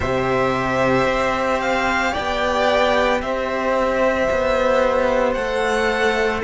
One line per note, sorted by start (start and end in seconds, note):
0.00 1.05 C3
0.00 5.37 G4
0.00 2.11 C5
0.00 1.60 E5
1.05 2.12 C4
1.60 2.14 F5
2.11 3.18 D5
2.11 3.21 G5
2.18 3.21 B3
3.21 4.29 C4
3.21 6.43 C5
3.21 5.32 E5
4.30 5.35 B3
5.32 6.42 A3
5.32 6.43 A4
5.32 6.40 F#5